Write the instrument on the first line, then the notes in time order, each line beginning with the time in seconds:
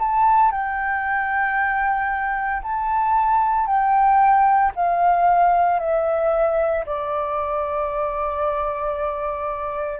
flute
0.00 A5
0.52 G5
2.63 A5
3.67 G5
4.76 F5
5.79 E5
6.86 D5